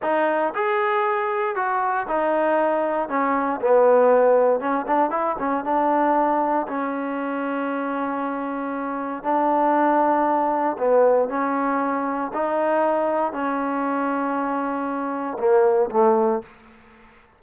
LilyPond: \new Staff \with { instrumentName = "trombone" } { \time 4/4 \tempo 4 = 117 dis'4 gis'2 fis'4 | dis'2 cis'4 b4~ | b4 cis'8 d'8 e'8 cis'8 d'4~ | d'4 cis'2.~ |
cis'2 d'2~ | d'4 b4 cis'2 | dis'2 cis'2~ | cis'2 ais4 a4 | }